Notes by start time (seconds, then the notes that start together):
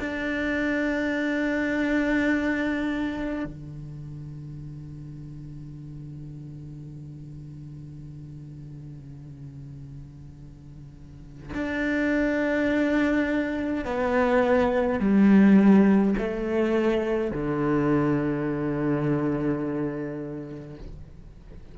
0.00 D4
3.45 D3
11.54 D4
13.85 B3
15.00 G3
16.19 A3
17.31 D3